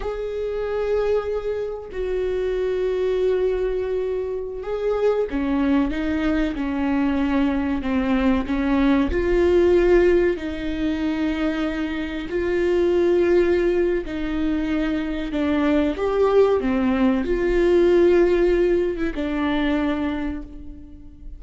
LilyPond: \new Staff \with { instrumentName = "viola" } { \time 4/4 \tempo 4 = 94 gis'2. fis'4~ | fis'2.~ fis'16 gis'8.~ | gis'16 cis'4 dis'4 cis'4.~ cis'16~ | cis'16 c'4 cis'4 f'4.~ f'16~ |
f'16 dis'2. f'8.~ | f'2 dis'2 | d'4 g'4 c'4 f'4~ | f'4.~ f'16 e'16 d'2 | }